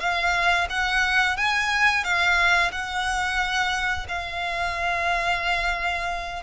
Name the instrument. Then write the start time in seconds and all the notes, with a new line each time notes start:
violin
0.00 F5
0.70 F#5
1.37 G#5
2.04 F5
2.72 F#5
4.09 F5